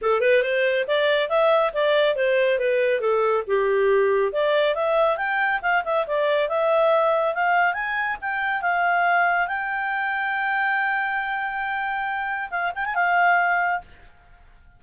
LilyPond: \new Staff \with { instrumentName = "clarinet" } { \time 4/4 \tempo 4 = 139 a'8 b'8 c''4 d''4 e''4 | d''4 c''4 b'4 a'4 | g'2 d''4 e''4 | g''4 f''8 e''8 d''4 e''4~ |
e''4 f''4 gis''4 g''4 | f''2 g''2~ | g''1~ | g''4 f''8 g''16 gis''16 f''2 | }